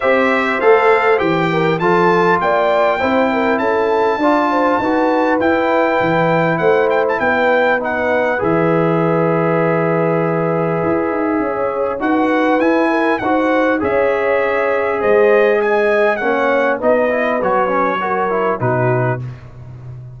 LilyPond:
<<
  \new Staff \with { instrumentName = "trumpet" } { \time 4/4 \tempo 4 = 100 e''4 f''4 g''4 a''4 | g''2 a''2~ | a''4 g''2 fis''8 g''16 a''16 | g''4 fis''4 e''2~ |
e''1 | fis''4 gis''4 fis''4 e''4~ | e''4 dis''4 gis''4 fis''4 | dis''4 cis''2 b'4 | }
  \new Staff \with { instrumentName = "horn" } { \time 4/4 c''2~ c''8 ais'8 a'4 | d''4 c''8 ais'8 a'4 d''8 c''8 | b'2. c''4 | b'1~ |
b'2. cis''4 | b'4. ais'8 c''4 cis''4~ | cis''4 c''4 dis''4 cis''4 | b'2 ais'4 fis'4 | }
  \new Staff \with { instrumentName = "trombone" } { \time 4/4 g'4 a'4 g'4 f'4~ | f'4 e'2 f'4 | fis'4 e'2.~ | e'4 dis'4 gis'2~ |
gis'1 | fis'4 e'4 fis'4 gis'4~ | gis'2. cis'4 | dis'8 e'8 fis'8 cis'8 fis'8 e'8 dis'4 | }
  \new Staff \with { instrumentName = "tuba" } { \time 4/4 c'4 a4 e4 f4 | ais4 c'4 cis'4 d'4 | dis'4 e'4 e4 a4 | b2 e2~ |
e2 e'8 dis'8 cis'4 | dis'4 e'4 dis'4 cis'4~ | cis'4 gis2 ais4 | b4 fis2 b,4 | }
>>